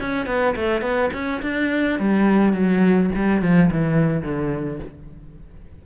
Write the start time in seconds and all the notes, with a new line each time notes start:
0.00 C#4
0.26 B3
0.56 A3
0.81 B3
1.13 C#4
1.42 D4
1.99 G3
2.53 F#3
3.15 G3
3.42 F3
3.71 E3
4.22 D3